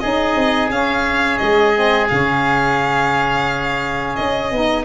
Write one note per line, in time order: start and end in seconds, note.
0.00 0.35 C#4
0.00 0.70 D#4
0.00 4.83 G#4
0.00 0.69 D#5
0.35 0.70 C4
0.70 1.39 C#4
0.70 1.73 C#4
0.70 1.38 F5
1.38 2.10 G#3
1.38 2.07 D#5
1.74 2.09 C4
2.09 4.18 C#3
2.09 4.52 C#4
2.09 4.16 F5
4.16 4.52 C#4
4.16 4.84 D#5
4.52 4.84 B3
4.52 4.84 D#4